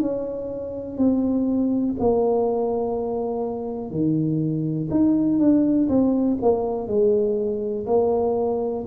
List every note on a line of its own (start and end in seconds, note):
0.00 0.97 C#4
0.97 1.95 C4
1.99 3.90 A#3
3.90 4.89 D#3
4.90 5.38 D#4
5.38 5.87 D4
5.88 6.37 C4
6.42 6.87 A#3
6.87 7.86 G#3
7.86 8.84 A#3